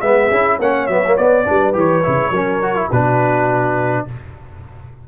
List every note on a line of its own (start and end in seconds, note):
0.00 0.30 G#3
0.00 0.31 B3
0.00 0.28 B4
0.00 0.58 E5
0.28 0.59 C#4
0.28 0.60 E4
0.28 0.57 G#4
0.59 0.88 A#3
0.59 0.89 C#4
0.59 1.45 C#5
0.59 0.87 F#5
0.87 1.16 F#3
0.87 1.04 B3
0.87 1.16 E5
1.06 1.17 A#3
1.17 1.44 B3
1.17 1.46 B3
1.17 1.74 D5
1.44 1.74 G3
1.44 1.73 D4
1.44 2.31 B4
1.73 2.03 E3
1.73 2.02 G4
1.73 2.91 C#5
2.03 2.30 C#3
2.03 2.32 E4
2.30 2.88 F#3
2.30 2.62 C#4
2.30 2.88 A#4
2.62 2.75 F#4
2.75 2.90 E4
2.89 4.07 B2
2.89 4.08 D4
2.89 4.04 F#4
2.89 4.06 B4